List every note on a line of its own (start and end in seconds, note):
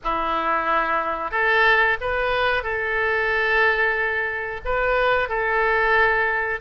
0.03 1.31 E4
1.31 1.97 A4
2.00 2.63 B4
2.63 4.61 A4
4.65 5.28 B4
5.28 6.60 A4